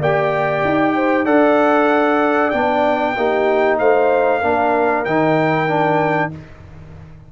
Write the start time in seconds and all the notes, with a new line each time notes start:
0.00 A#3 G4 D5 G5
0.65 D#4
0.96 C5
1.25 D4 A4 D5 F#5
2.51 B3 D4 G5
3.16 A#3 D#4 G4
3.79 A3 C5 F5
4.41 A#3 D4 A#4
5.05 D#3 D#4 G5
5.68 D4